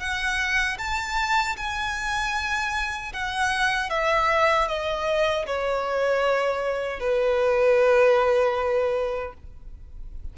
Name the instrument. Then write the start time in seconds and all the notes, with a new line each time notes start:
violin
0.00 F#5
0.78 A5
1.57 G#5
3.13 F#5
3.90 E5
4.68 D#5
5.47 C#5
7.00 B4